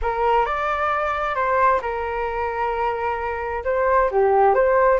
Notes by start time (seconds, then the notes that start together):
0.01 A#4
0.45 D5
1.35 C5
1.81 A#4
3.64 C5
4.11 G4
4.54 C5